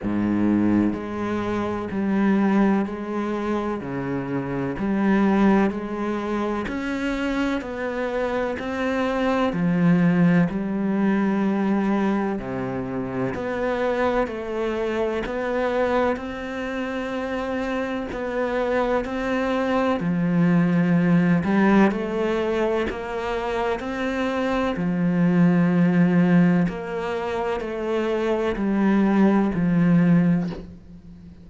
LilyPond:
\new Staff \with { instrumentName = "cello" } { \time 4/4 \tempo 4 = 63 gis,4 gis4 g4 gis4 | cis4 g4 gis4 cis'4 | b4 c'4 f4 g4~ | g4 c4 b4 a4 |
b4 c'2 b4 | c'4 f4. g8 a4 | ais4 c'4 f2 | ais4 a4 g4 f4 | }